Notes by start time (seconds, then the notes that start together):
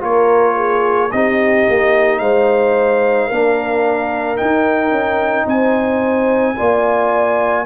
0.00 A#3 F4 A#4 C#5
0.56 G#4
1.12 C4 D#4 G4 D#5
1.69 A#3
2.19 G#3 C5 F5
3.27 A#3 D4 A#4
4.37 D#4 G5
4.91 C#4
5.46 C4 C5 G#5
6.56 A#3 F4 D5